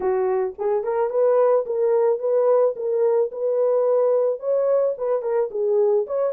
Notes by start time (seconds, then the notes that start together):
0.00 F#4
0.58 G#4
0.83 A#4
1.10 B4
1.65 A#4
2.19 B4
2.75 A#4
3.31 B4
4.39 C#5
4.97 B4
5.22 A#4
5.50 G#4
6.07 C#5